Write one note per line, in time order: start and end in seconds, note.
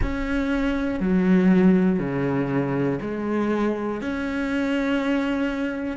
0.01 1.00 C#4
1.00 1.99 F#3
1.99 2.99 C#3
3.01 4.00 G#3
4.00 5.96 C#4